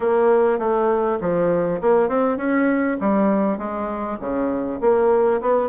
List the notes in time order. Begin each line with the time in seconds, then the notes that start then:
0.00 A#3
0.58 A3
1.20 F3
1.81 A#3
2.08 C4
2.37 C#4
3.00 G3
3.58 G#3
4.20 C#3
4.81 A#3
5.41 B3